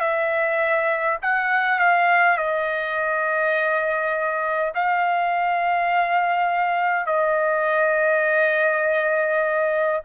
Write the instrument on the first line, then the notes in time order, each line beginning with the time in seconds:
trumpet
0.00 E5
1.22 F#5
1.79 F5
2.37 D#5
4.74 F5
7.06 D#5